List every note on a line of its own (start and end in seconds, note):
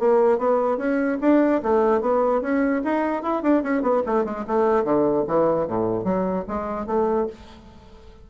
0.00 0.39 A#3
0.39 0.78 B3
0.78 1.18 C#4
1.22 1.62 D4
1.63 2.02 A3
2.02 2.42 B3
2.42 2.82 C#4
2.85 3.23 D#4
3.23 3.43 E4
3.43 3.63 D4
3.64 3.83 C#4
3.83 4.03 B3
4.07 4.25 A3
4.25 4.45 G#3
4.48 4.85 A3
4.85 5.25 D3
5.28 5.68 E3
5.68 6.05 A2
6.05 6.45 F#3
6.48 6.87 G#3
6.87 7.28 A3